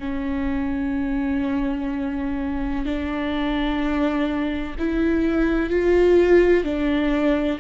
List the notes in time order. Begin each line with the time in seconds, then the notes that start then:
0.00 C#4
2.86 D4
4.79 E4
5.70 F4
6.64 D4